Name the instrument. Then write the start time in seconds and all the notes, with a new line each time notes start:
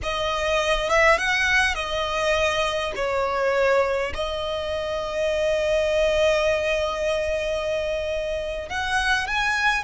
violin
0.02 D#5
0.89 E5
1.18 F#5
1.74 D#5
2.95 C#5
4.14 D#5
8.69 F#5
9.27 G#5